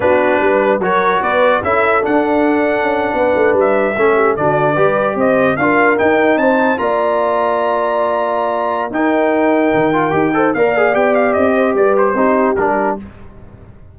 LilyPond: <<
  \new Staff \with { instrumentName = "trumpet" } { \time 4/4 \tempo 4 = 148 b'2 cis''4 d''4 | e''4 fis''2.~ | fis''8. e''2 d''4~ d''16~ | d''8. dis''4 f''4 g''4 a''16~ |
a''8. ais''2.~ ais''16~ | ais''2 g''2~ | g''2 f''4 g''8 f''8 | dis''4 d''8 c''4. ais'4 | }
  \new Staff \with { instrumentName = "horn" } { \time 4/4 fis'4 b'4 ais'4 b'4 | a'2.~ a'8. b'16~ | b'4.~ b'16 a'8 g'8 fis'4 b'16~ | b'8. c''4 ais'2 c''16~ |
c''8. d''2.~ d''16~ | d''2 ais'2~ | ais'4. c''8 d''2~ | d''8 c''8 b'4 g'2 | }
  \new Staff \with { instrumentName = "trombone" } { \time 4/4 d'2 fis'2 | e'4 d'2.~ | d'4.~ d'16 cis'4 d'4 g'16~ | g'4.~ g'16 f'4 dis'4~ dis'16~ |
dis'8. f'2.~ f'16~ | f'2 dis'2~ | dis'8 f'8 g'8 a'8 ais'8 gis'8 g'4~ | g'2 dis'4 d'4 | }
  \new Staff \with { instrumentName = "tuba" } { \time 4/4 b4 g4 fis4 b4 | cis'4 d'2 cis'8. b16~ | b16 a8 g4 a4 d4 g16~ | g8. c'4 d'4 dis'4 c'16~ |
c'8. ais2.~ ais16~ | ais2 dis'2 | dis4 dis'4 ais4 b4 | c'4 g4 c'4 g4 | }
>>